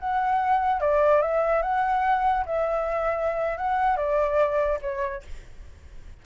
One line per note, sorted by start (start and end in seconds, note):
0.00 0.81 F#5
0.81 1.22 D5
1.22 1.63 E5
1.63 2.45 F#5
2.46 3.58 E5
3.58 3.97 F#5
3.97 4.79 D5
4.82 5.23 C#5